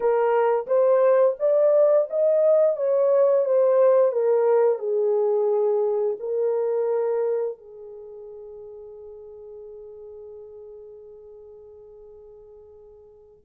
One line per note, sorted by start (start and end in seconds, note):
0.00 0.66 A#4
0.66 1.35 C5
1.39 2.08 D5
2.10 2.76 D#5
2.76 3.45 C#5
3.45 4.12 C5
4.12 4.78 A#4
4.78 6.16 G#4
6.19 7.57 A#4
7.57 13.43 G#4